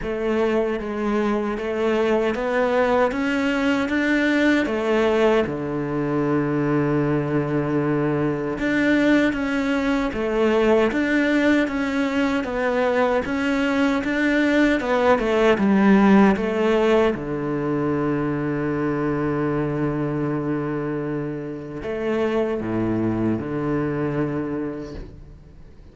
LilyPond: \new Staff \with { instrumentName = "cello" } { \time 4/4 \tempo 4 = 77 a4 gis4 a4 b4 | cis'4 d'4 a4 d4~ | d2. d'4 | cis'4 a4 d'4 cis'4 |
b4 cis'4 d'4 b8 a8 | g4 a4 d2~ | d1 | a4 a,4 d2 | }